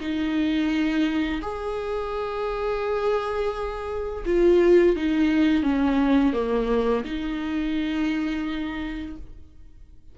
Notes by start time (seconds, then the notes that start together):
0.00 D#4
1.41 G#4
4.26 F4
4.96 D#4
5.63 C#4
6.33 A#3
7.05 D#4